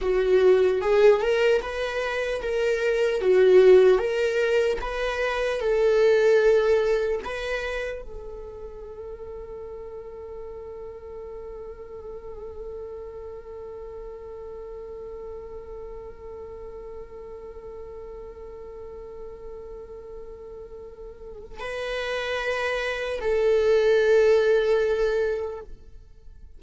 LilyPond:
\new Staff \with { instrumentName = "viola" } { \time 4/4 \tempo 4 = 75 fis'4 gis'8 ais'8 b'4 ais'4 | fis'4 ais'4 b'4 a'4~ | a'4 b'4 a'2~ | a'1~ |
a'1~ | a'1~ | a'2. b'4~ | b'4 a'2. | }